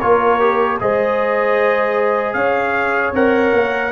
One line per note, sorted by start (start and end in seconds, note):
0.00 0.81 A#3
0.00 0.40 F4
0.00 0.79 A#4
0.00 0.78 C#5
0.40 0.79 G4
0.80 2.34 G#3
0.80 3.14 G#4
0.80 2.36 C5
0.80 2.34 D#5
2.34 3.12 C#4
2.34 3.92 C#5
2.34 3.12 F5
3.13 3.52 C4
3.13 3.92 A#4
3.13 3.92 F#5
3.54 3.92 A#3